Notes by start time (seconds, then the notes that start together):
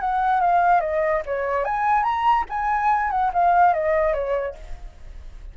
0.00 F#5
0.40 F5
0.80 D#5
1.25 C#5
1.64 G#5
2.03 A#5
2.49 G#5
3.10 F#5
3.33 F5
3.73 D#5
4.13 C#5